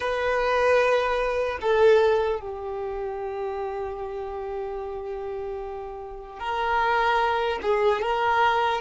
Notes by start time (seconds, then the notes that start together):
0.00 B4
1.61 A4
2.40 G4
6.39 A#4
7.62 G#4
8.01 A#4